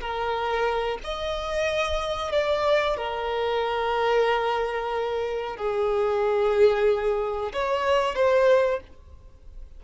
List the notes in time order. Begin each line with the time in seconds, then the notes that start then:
0.00 A#4
1.03 D#5
2.32 D5
2.97 A#4
5.56 G#4
7.53 C#5
8.14 C5